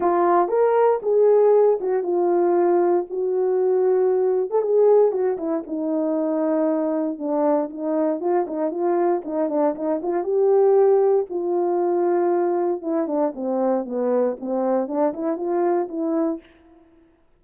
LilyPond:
\new Staff \with { instrumentName = "horn" } { \time 4/4 \tempo 4 = 117 f'4 ais'4 gis'4. fis'8 | f'2 fis'2~ | fis'8. a'16 gis'4 fis'8 e'8 dis'4~ | dis'2 d'4 dis'4 |
f'8 dis'8 f'4 dis'8 d'8 dis'8 f'8 | g'2 f'2~ | f'4 e'8 d'8 c'4 b4 | c'4 d'8 e'8 f'4 e'4 | }